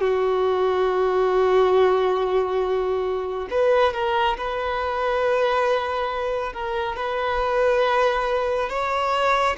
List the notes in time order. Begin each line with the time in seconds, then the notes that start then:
0.00 F#4
3.50 B4
3.93 A#4
4.37 B4
6.53 A#4
6.96 B4
8.69 C#5